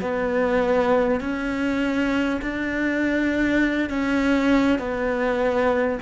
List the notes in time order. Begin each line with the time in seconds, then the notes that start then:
0.00 B3
1.20 C#4
2.41 D4
3.89 C#4
4.78 B3